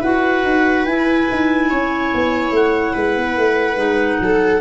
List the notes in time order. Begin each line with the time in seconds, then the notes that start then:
0.00 E4 F#4 B4 F#5
0.44 D#4
0.85 E4 G#5
1.31 D#4
1.69 C#4 C#5
2.14 B3
2.51 A3 F#5
2.94 G#3 B4
3.16 B3
3.37 A3
3.76 G#3 D#4
4.20 F#3 A4